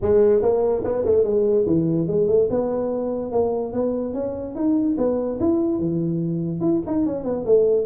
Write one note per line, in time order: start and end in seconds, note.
0.01 0.41 G#3
0.41 0.83 A#3
0.84 1.04 B3
1.05 1.24 A3
1.24 1.65 G#3
1.66 2.07 E3
2.07 2.27 G#3
2.27 2.48 A3
2.50 3.31 B3
3.31 3.73 A#3
3.73 4.13 B3
4.13 4.55 C#4
4.55 4.96 D#4
4.97 5.38 B3
5.40 5.79 E4
5.79 6.60 E3
6.60 6.81 E4
6.86 7.06 D#4
7.06 7.24 C#4
7.24 7.44 B3
7.45 7.86 A3